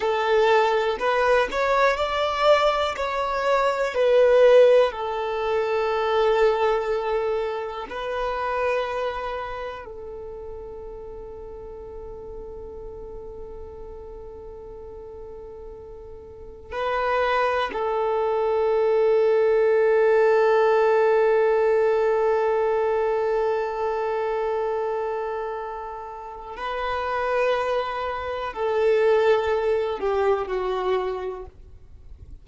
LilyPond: \new Staff \with { instrumentName = "violin" } { \time 4/4 \tempo 4 = 61 a'4 b'8 cis''8 d''4 cis''4 | b'4 a'2. | b'2 a'2~ | a'1~ |
a'4 b'4 a'2~ | a'1~ | a'2. b'4~ | b'4 a'4. g'8 fis'4 | }